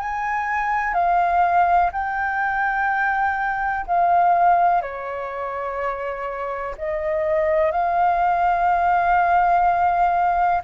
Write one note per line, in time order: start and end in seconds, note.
0.00 0.94 G#5
0.94 1.91 F5
1.93 3.86 G5
3.87 4.82 F5
4.82 6.76 C#5
6.78 7.72 D#5
7.72 10.62 F5